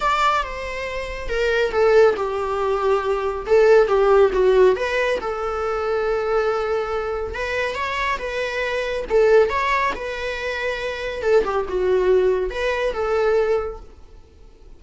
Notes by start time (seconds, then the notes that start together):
0.00 D5
0.43 C5
1.28 A#4
1.71 A4
2.16 G4
3.46 A4
3.87 G4
4.32 F#4
4.75 B4
5.20 A4
7.34 B4
7.75 C#5
8.18 B4
9.09 A4
9.49 C#5
9.95 B4
11.22 A4
11.44 G4
11.68 F#4
12.50 B4
12.93 A4